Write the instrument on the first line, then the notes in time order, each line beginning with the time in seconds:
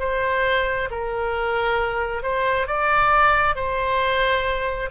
oboe
0.00 C5
0.91 A#4
2.23 C5
2.67 D5
3.56 C5